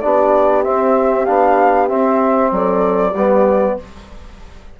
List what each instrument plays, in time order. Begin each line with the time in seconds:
0.00 bassoon B3, trombone D4, horn G4, flute D5
0.63 trombone C4, bassoon C4, flute E5
1.25 bassoon B3, trombone D4, flute F5
1.88 trombone C4, bassoon C4, flute E5
2.51 bassoon F#3, horn A4, flute D5
3.11 bassoon G3, trombone B3, horn G4